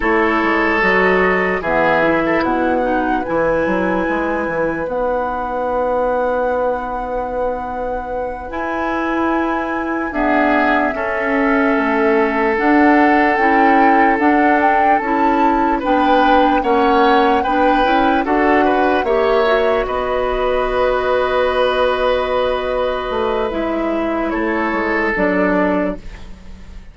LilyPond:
<<
  \new Staff \with { instrumentName = "flute" } { \time 4/4 \tempo 4 = 74 cis''4 dis''4 e''4 fis''4 | gis''2 fis''2~ | fis''2~ fis''8 gis''4.~ | gis''8 e''2. fis''8~ |
fis''8 g''4 fis''8 g''8 a''4 g''8~ | g''8 fis''4 g''4 fis''4 e''8~ | e''8 dis''2.~ dis''8~ | dis''4 e''4 cis''4 d''4 | }
  \new Staff \with { instrumentName = "oboe" } { \time 4/4 a'2 gis'8. a'16 b'4~ | b'1~ | b'1~ | b'8 gis'4 a'2~ a'8~ |
a'2.~ a'8 b'8~ | b'8 cis''4 b'4 a'8 b'8 cis''8~ | cis''8 b'2.~ b'8~ | b'2 a'2 | }
  \new Staff \with { instrumentName = "clarinet" } { \time 4/4 e'4 fis'4 b8 e'4 dis'8 | e'2 dis'2~ | dis'2~ dis'8 e'4.~ | e'8 b4 cis'2 d'8~ |
d'8 e'4 d'4 e'4 d'8~ | d'8 cis'4 d'8 e'8 fis'4 g'8 | fis'1~ | fis'4 e'2 d'4 | }
  \new Staff \with { instrumentName = "bassoon" } { \time 4/4 a8 gis8 fis4 e4 b,4 | e8 fis8 gis8 e8 b2~ | b2~ b8 e'4.~ | e'8 d'4 cis'4 a4 d'8~ |
d'8 cis'4 d'4 cis'4 b8~ | b8 ais4 b8 cis'8 d'4 ais8~ | ais8 b2.~ b8~ | b8 a8 gis4 a8 gis8 fis4 | }
>>